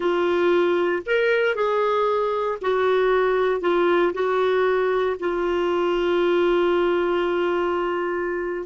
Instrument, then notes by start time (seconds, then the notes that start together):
clarinet
0.00 F4
1.06 A#4
1.55 G#4
2.61 F#4
3.60 F4
4.13 F#4
5.19 F4